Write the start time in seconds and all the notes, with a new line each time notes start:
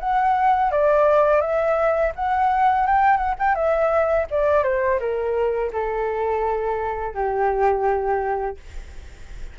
0.00 F#5
0.71 D5
1.41 E5
2.15 F#5
2.86 G5
3.17 F#5
3.39 G5
3.55 E5
4.31 D5
4.64 C5
5.00 A#4
5.73 A4
7.14 G4